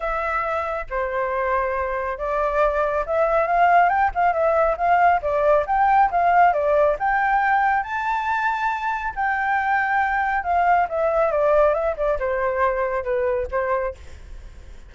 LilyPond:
\new Staff \with { instrumentName = "flute" } { \time 4/4 \tempo 4 = 138 e''2 c''2~ | c''4 d''2 e''4 | f''4 g''8 f''8 e''4 f''4 | d''4 g''4 f''4 d''4 |
g''2 a''2~ | a''4 g''2. | f''4 e''4 d''4 e''8 d''8 | c''2 b'4 c''4 | }